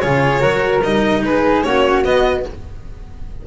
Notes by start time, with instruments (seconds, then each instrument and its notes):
0.00 double bass C#3, cello F4, flute G#4, violin C#5
0.40 double bass F#3, cello F#4, flute A#4
0.83 double bass G3, cello D#4, violin D#5
1.22 double bass G#3, flute G#4, violin B4
1.63 double bass A#3, cello C#4, flute F#4, violin C#5
2.04 cello B3, double bass B3, violin D#5